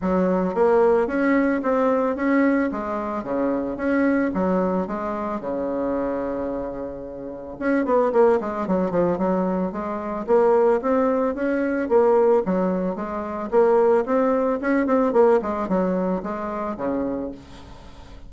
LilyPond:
\new Staff \with { instrumentName = "bassoon" } { \time 4/4 \tempo 4 = 111 fis4 ais4 cis'4 c'4 | cis'4 gis4 cis4 cis'4 | fis4 gis4 cis2~ | cis2 cis'8 b8 ais8 gis8 |
fis8 f8 fis4 gis4 ais4 | c'4 cis'4 ais4 fis4 | gis4 ais4 c'4 cis'8 c'8 | ais8 gis8 fis4 gis4 cis4 | }